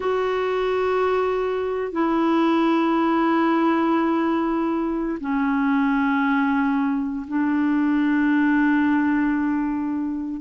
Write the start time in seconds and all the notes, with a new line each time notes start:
0.00 F#4
1.91 E4
5.20 C#4
7.27 D4